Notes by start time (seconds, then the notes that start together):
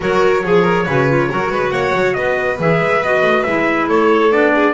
0.00 F#3 F#4 A#4 C#5
0.43 F3 G#4
0.62 A#4
0.86 C#3 F#4 B4
1.09 F4
1.29 F#3 F#4 A#4
1.50 G#3 B4
1.70 A#3 C#5 F#5
1.94 F#3
2.13 B3 B4 D#5
2.58 E3 G#4 E5
2.80 G#3
3.01 B3 F#4 D#5
3.22 A3
3.43 G#3 E4 E5
3.88 A3 A4 C#5
4.31 B3 D4 D5
4.55 G#4